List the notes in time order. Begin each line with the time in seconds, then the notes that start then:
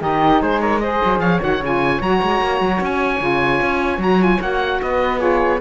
0.00 D#3 D#4 G4 D#5
0.41 G#3 G#4 C5
0.60 A#4 C#5
0.79 G#4 C5 D#5
1.04 F#3
1.19 F3 C#5 F5
1.40 D#3 F#4 F#5
1.61 C#3 F4 G#5
2.01 F#3 F#4 A#5
2.22 G#3
2.41 A#3
2.60 F#3
2.81 C#4 G#5
3.18 C#3 F4
3.61 C#4
3.98 F#3 F#4 A#5
4.19 F4 G#5
4.41 A#3 F#4 F#5
4.81 B3 B4 D#5
5.17 F4 G#4 C#5